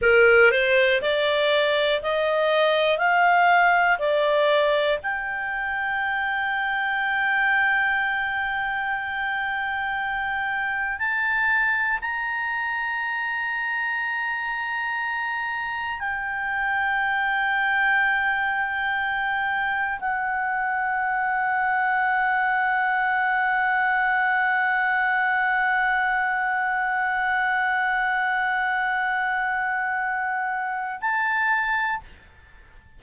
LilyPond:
\new Staff \with { instrumentName = "clarinet" } { \time 4/4 \tempo 4 = 60 ais'8 c''8 d''4 dis''4 f''4 | d''4 g''2.~ | g''2. a''4 | ais''1 |
g''1 | fis''1~ | fis''1~ | fis''2. a''4 | }